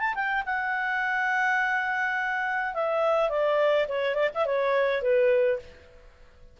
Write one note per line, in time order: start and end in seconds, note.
0.00 0.14 A5
0.15 0.44 G5
0.46 2.74 F#5
2.74 3.30 E5
3.30 3.87 D5
3.89 4.15 C#5
4.15 4.29 D5
4.35 4.46 E5
4.46 5.02 C#5
5.02 5.59 B4